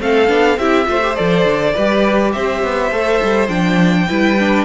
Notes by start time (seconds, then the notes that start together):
0.00 A3 C4 A4 F5
0.27 B3 D4
0.57 C4 E4 G4 E5
0.85 A3 F4 C5
1.03 G4
1.15 F3 A4 D5
1.45 D3
1.74 G3 G4 B4
2.32 C4 C5 E5
2.63 B3
2.91 A3 A4
3.22 G3
3.48 F3 D4 G5
4.08 G3 E4 B4
4.39 D4